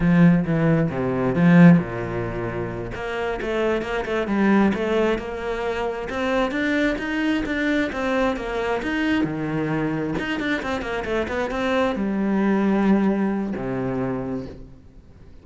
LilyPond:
\new Staff \with { instrumentName = "cello" } { \time 4/4 \tempo 4 = 133 f4 e4 c4 f4 | ais,2~ ais,8 ais4 a8~ | a8 ais8 a8 g4 a4 ais8~ | ais4. c'4 d'4 dis'8~ |
dis'8 d'4 c'4 ais4 dis'8~ | dis'8 dis2 dis'8 d'8 c'8 | ais8 a8 b8 c'4 g4.~ | g2 c2 | }